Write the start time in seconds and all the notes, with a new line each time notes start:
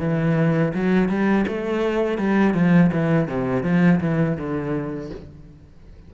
0.00 E3
0.74 F#3
1.09 G3
1.48 A3
2.18 G3
2.54 F3
2.93 E3
3.28 C3
3.64 F3
4.01 E3
4.38 D3